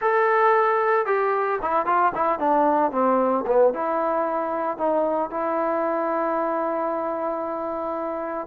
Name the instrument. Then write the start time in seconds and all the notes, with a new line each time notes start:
trombone
0.01 A4
1.05 G4
1.62 E4
1.86 F4
2.14 E4
2.39 D4
2.91 C4
3.47 B3
3.73 E4
4.77 D#4
5.30 E4